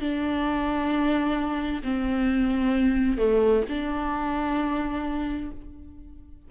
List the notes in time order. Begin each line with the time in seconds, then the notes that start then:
0.00 D4
1.83 C4
3.17 A3
3.69 D4